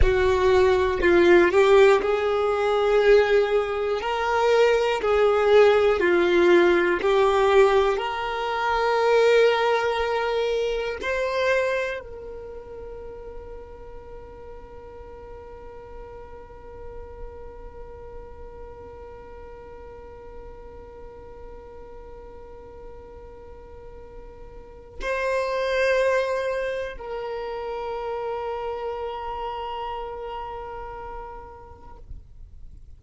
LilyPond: \new Staff \with { instrumentName = "violin" } { \time 4/4 \tempo 4 = 60 fis'4 f'8 g'8 gis'2 | ais'4 gis'4 f'4 g'4 | ais'2. c''4 | ais'1~ |
ais'1~ | ais'1~ | ais'4 c''2 ais'4~ | ais'1 | }